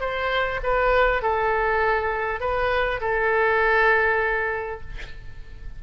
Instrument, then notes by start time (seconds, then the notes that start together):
oboe
0.00 C5
0.63 B4
1.22 A4
2.40 B4
3.00 A4